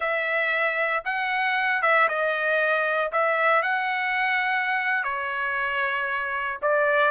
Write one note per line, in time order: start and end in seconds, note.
0.00 1.03 E5
1.04 1.82 F#5
1.82 2.08 E5
2.08 3.11 D#5
3.12 3.62 E5
3.62 5.03 F#5
5.03 6.58 C#5
6.61 7.11 D5